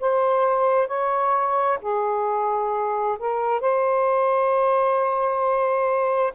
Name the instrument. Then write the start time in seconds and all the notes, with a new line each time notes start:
saxophone
0.00 C5
0.87 C#5
1.81 G#4
3.19 A#4
3.60 C5